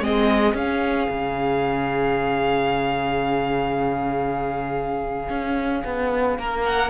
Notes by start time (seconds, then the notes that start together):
0.00 G#3 C4 G#4 D#5
0.54 C#4 F5
1.10 C#3
5.29 C#4
5.85 B3
6.39 A#3 A#4
6.65 F#5